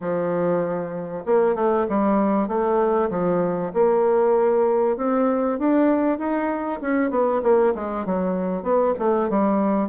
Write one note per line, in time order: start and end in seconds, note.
0.00 1.24 F3
1.25 1.55 A#3
1.55 1.86 A3
1.88 2.47 G3
2.47 3.09 A3
3.10 3.72 F3
3.73 4.97 A#3
4.97 5.58 C4
5.58 6.18 D4
6.18 6.80 D#4
6.81 7.10 C#4
7.10 7.41 B3
7.42 7.73 A#3
7.74 8.05 G#3
8.05 8.62 F#3
8.62 8.93 B3
8.98 9.29 A3
9.29 9.89 G3